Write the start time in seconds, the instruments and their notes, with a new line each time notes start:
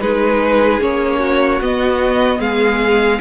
0.00 cello G#3, viola D#4, violin G#4 B4
0.80 cello A#3, viola C#4, violin C#5
1.19 violin F#4
1.61 cello B3, viola B3, violin D#5
2.39 cello G#3, violin G#4 F5